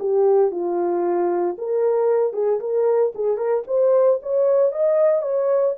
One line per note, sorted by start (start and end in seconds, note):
0.00 0.52 G4
0.52 1.57 F4
1.59 2.34 A#4
2.34 2.60 G#4
2.61 3.13 A#4
3.16 3.38 G#4
3.38 3.64 A#4
3.68 4.20 C5
4.23 4.72 C#5
4.72 5.22 D#5
5.22 5.75 C#5